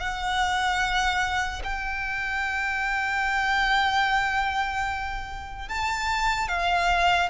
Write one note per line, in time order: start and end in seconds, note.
0.00 1.62 F#5
1.64 5.68 G5
5.68 6.48 A5
6.48 7.29 F5